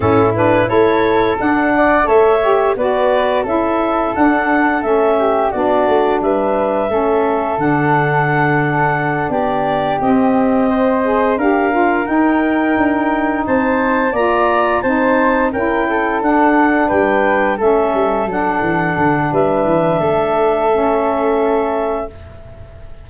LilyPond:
<<
  \new Staff \with { instrumentName = "clarinet" } { \time 4/4 \tempo 4 = 87 a'8 b'8 cis''4 fis''4 e''4 | d''4 e''4 fis''4 e''4 | d''4 e''2 fis''4~ | fis''4. d''4 dis''4.~ |
dis''8 f''4 g''2 a''8~ | a''8 ais''4 a''4 g''4 fis''8~ | fis''8 g''4 e''4 fis''4. | e''1 | }
  \new Staff \with { instrumentName = "flute" } { \time 4/4 e'4 a'4. d''8 cis''4 | b'4 a'2~ a'8 g'8 | fis'4 b'4 a'2~ | a'4. g'2 c''8~ |
c''8 ais'2. c''8~ | c''8 d''4 c''4 ais'8 a'4~ | a'8 b'4 a'2~ a'8 | b'4 a'2. | }
  \new Staff \with { instrumentName = "saxophone" } { \time 4/4 cis'8 d'8 e'4 d'4 a'8 g'8 | fis'4 e'4 d'4 cis'4 | d'2 cis'4 d'4~ | d'2~ d'8 c'4. |
gis'8 g'8 f'8 dis'2~ dis'8~ | dis'8 f'4 dis'4 e'4 d'8~ | d'4. cis'4 d'4.~ | d'2 cis'2 | }
  \new Staff \with { instrumentName = "tuba" } { \time 4/4 a,4 a4 d'4 a4 | b4 cis'4 d'4 a4 | b8 a8 g4 a4 d4~ | d4. b4 c'4.~ |
c'8 d'4 dis'4 d'4 c'8~ | c'8 ais4 c'4 cis'4 d'8~ | d'8 g4 a8 g8 fis8 e8 d8 | g8 e8 a2. | }
>>